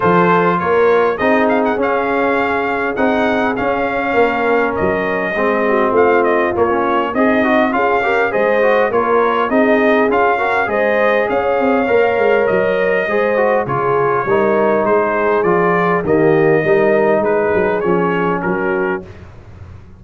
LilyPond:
<<
  \new Staff \with { instrumentName = "trumpet" } { \time 4/4 \tempo 4 = 101 c''4 cis''4 dis''8 f''16 fis''16 f''4~ | f''4 fis''4 f''2 | dis''2 f''8 dis''8 cis''4 | dis''4 f''4 dis''4 cis''4 |
dis''4 f''4 dis''4 f''4~ | f''4 dis''2 cis''4~ | cis''4 c''4 d''4 dis''4~ | dis''4 b'4 cis''4 ais'4 | }
  \new Staff \with { instrumentName = "horn" } { \time 4/4 a'4 ais'4 gis'2~ | gis'2. ais'4~ | ais'4 gis'8 fis'8 f'2 | dis'4 gis'8 ais'8 c''4 ais'4 |
gis'4. ais'8 c''4 cis''4~ | cis''2 c''4 gis'4 | ais'4 gis'2 g'4 | ais'4 gis'2 fis'4 | }
  \new Staff \with { instrumentName = "trombone" } { \time 4/4 f'2 dis'4 cis'4~ | cis'4 dis'4 cis'2~ | cis'4 c'2 ais16 cis'8. | gis'8 fis'8 f'8 g'8 gis'8 fis'8 f'4 |
dis'4 f'8 fis'8 gis'2 | ais'2 gis'8 fis'8 f'4 | dis'2 f'4 ais4 | dis'2 cis'2 | }
  \new Staff \with { instrumentName = "tuba" } { \time 4/4 f4 ais4 c'4 cis'4~ | cis'4 c'4 cis'4 ais4 | fis4 gis4 a4 ais4 | c'4 cis'4 gis4 ais4 |
c'4 cis'4 gis4 cis'8 c'8 | ais8 gis8 fis4 gis4 cis4 | g4 gis4 f4 dis4 | g4 gis8 fis8 f4 fis4 | }
>>